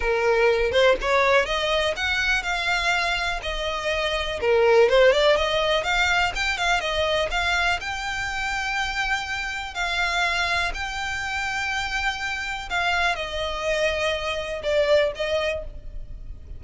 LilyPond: \new Staff \with { instrumentName = "violin" } { \time 4/4 \tempo 4 = 123 ais'4. c''8 cis''4 dis''4 | fis''4 f''2 dis''4~ | dis''4 ais'4 c''8 d''8 dis''4 | f''4 g''8 f''8 dis''4 f''4 |
g''1 | f''2 g''2~ | g''2 f''4 dis''4~ | dis''2 d''4 dis''4 | }